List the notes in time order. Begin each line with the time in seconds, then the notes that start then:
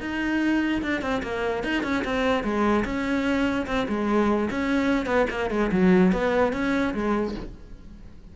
0.00 D#4
0.82 D4
1.01 C4
1.22 A#3
1.63 D#4
1.83 C#4
2.04 C4
2.43 G#3
2.84 C#4
3.67 C4
3.88 G#3
4.50 C#4
5.06 B3
5.30 A#3
5.50 G#3
5.71 F#3
6.12 B3
6.53 C#4
6.94 G#3